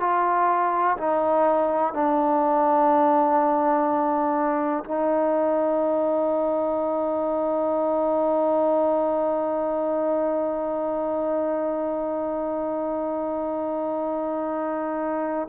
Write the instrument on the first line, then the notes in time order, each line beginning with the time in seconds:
trombone
0.00 F4
0.97 D#4
1.94 D4
4.84 D#4